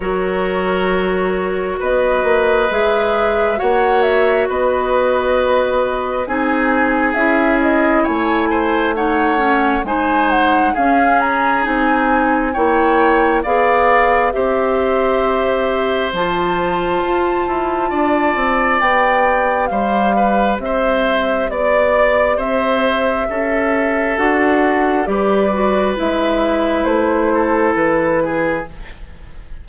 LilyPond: <<
  \new Staff \with { instrumentName = "flute" } { \time 4/4 \tempo 4 = 67 cis''2 dis''4 e''4 | fis''8 e''8 dis''2 gis''4 | e''8 dis''8 gis''4 fis''4 gis''8 fis''8 | f''8 ais''8 gis''4 g''4 f''4 |
e''2 a''2~ | a''4 g''4 f''4 e''4 | d''4 e''2 fis''4 | d''4 e''4 c''4 b'4 | }
  \new Staff \with { instrumentName = "oboe" } { \time 4/4 ais'2 b'2 | cis''4 b'2 gis'4~ | gis'4 cis''8 c''8 cis''4 c''4 | gis'2 cis''4 d''4 |
c''1 | d''2 c''8 b'8 c''4 | d''4 c''4 a'2 | b'2~ b'8 a'4 gis'8 | }
  \new Staff \with { instrumentName = "clarinet" } { \time 4/4 fis'2. gis'4 | fis'2. dis'4 | e'2 dis'8 cis'8 dis'4 | cis'4 dis'4 e'4 gis'4 |
g'2 f'2~ | f'4 g'2.~ | g'2. fis'4 | g'8 fis'8 e'2. | }
  \new Staff \with { instrumentName = "bassoon" } { \time 4/4 fis2 b8 ais8 gis4 | ais4 b2 c'4 | cis'4 a2 gis4 | cis'4 c'4 ais4 b4 |
c'2 f4 f'8 e'8 | d'8 c'8 b4 g4 c'4 | b4 c'4 cis'4 d'4 | g4 gis4 a4 e4 | }
>>